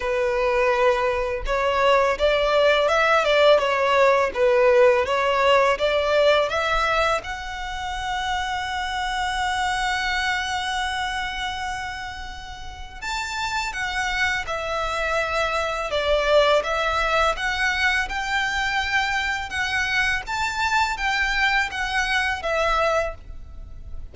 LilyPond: \new Staff \with { instrumentName = "violin" } { \time 4/4 \tempo 4 = 83 b'2 cis''4 d''4 | e''8 d''8 cis''4 b'4 cis''4 | d''4 e''4 fis''2~ | fis''1~ |
fis''2 a''4 fis''4 | e''2 d''4 e''4 | fis''4 g''2 fis''4 | a''4 g''4 fis''4 e''4 | }